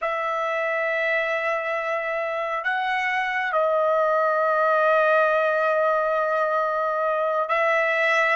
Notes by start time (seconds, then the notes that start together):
0.01 E5
2.64 F#5
3.52 D#5
7.48 E5